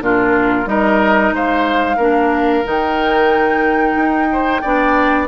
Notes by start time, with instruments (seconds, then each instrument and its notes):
0.00 bassoon A#2, clarinet D4, oboe F4, flute A#4
0.65 bassoon G3, clarinet D#4, oboe A#4, flute D#5
1.32 bassoon G#3, oboe C5, flute F5
1.97 bassoon A#3, clarinet D4, oboe A#4
2.64 bassoon D#3, clarinet D#4, flute G5
3.96 bassoon D#4
4.32 oboe C5
4.62 bassoon B3, clarinet D4, oboe D5